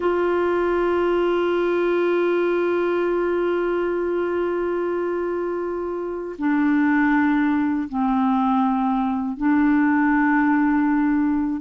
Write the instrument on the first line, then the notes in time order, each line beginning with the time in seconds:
clarinet
0.00 F4
6.38 D4
7.89 C4
9.37 D4